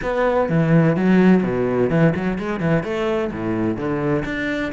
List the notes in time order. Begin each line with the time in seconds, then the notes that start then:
0.02 B3
0.49 E3
0.96 F#3
1.43 B2
1.90 E3
2.15 F#3
2.38 G#3
2.60 E3
2.83 A3
3.32 A2
3.76 D3
4.24 D4